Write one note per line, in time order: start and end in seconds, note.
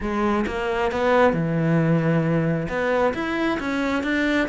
0.00 0.45 G#3
0.46 0.91 A#3
0.91 1.33 B3
1.33 2.67 E3
2.68 3.13 B3
3.13 3.58 E4
3.59 4.03 C#4
4.03 4.48 D4